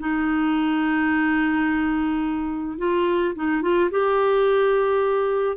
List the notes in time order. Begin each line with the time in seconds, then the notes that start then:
0.00 D#4
2.78 F4
3.35 D#4
3.62 F4
3.91 G4